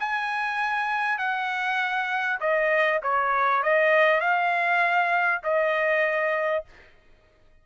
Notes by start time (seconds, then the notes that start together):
0.00 G#5
1.18 F#5
2.40 D#5
3.03 C#5
3.63 D#5
4.21 F5
5.44 D#5